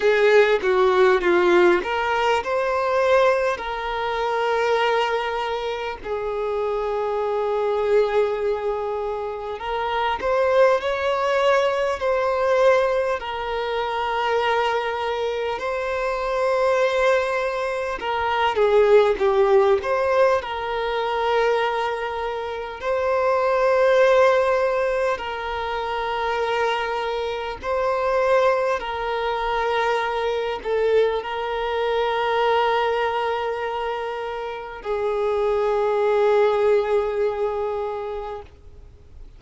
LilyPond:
\new Staff \with { instrumentName = "violin" } { \time 4/4 \tempo 4 = 50 gis'8 fis'8 f'8 ais'8 c''4 ais'4~ | ais'4 gis'2. | ais'8 c''8 cis''4 c''4 ais'4~ | ais'4 c''2 ais'8 gis'8 |
g'8 c''8 ais'2 c''4~ | c''4 ais'2 c''4 | ais'4. a'8 ais'2~ | ais'4 gis'2. | }